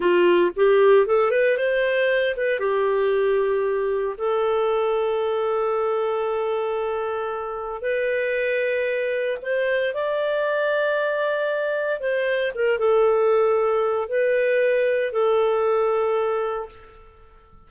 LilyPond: \new Staff \with { instrumentName = "clarinet" } { \time 4/4 \tempo 4 = 115 f'4 g'4 a'8 b'8 c''4~ | c''8 b'8 g'2. | a'1~ | a'2. b'4~ |
b'2 c''4 d''4~ | d''2. c''4 | ais'8 a'2~ a'8 b'4~ | b'4 a'2. | }